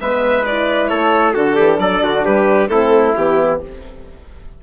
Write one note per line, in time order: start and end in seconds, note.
0.00 0.91 G#3
0.00 0.46 B3
0.00 0.89 B4
0.00 0.45 E5
0.45 1.35 E4
0.45 0.87 D5
0.87 1.36 A3
0.87 1.34 A4
0.87 1.32 C#5
1.34 1.58 D3
1.34 2.69 D4
1.34 1.55 F#4
1.34 1.79 A4
1.55 1.78 E3
1.55 1.78 G4
1.78 2.01 F#3
1.78 2.03 A4
1.78 2.24 D5
2.02 2.24 D3
2.02 2.25 F#4
2.25 2.69 G3
2.25 2.70 G4
2.25 2.68 B4
2.68 3.14 A3
2.68 3.14 C4
2.68 3.61 E4
2.68 3.13 A4
3.15 3.62 E3
3.15 3.63 B3
3.15 3.61 G4